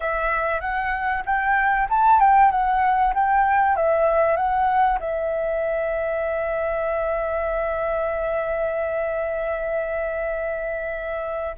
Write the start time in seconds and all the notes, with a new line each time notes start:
0.00 E5
0.60 F#5
1.25 G5
1.89 A5
2.20 G5
2.51 F#5
3.14 G5
3.76 E5
4.36 F#5
4.99 E5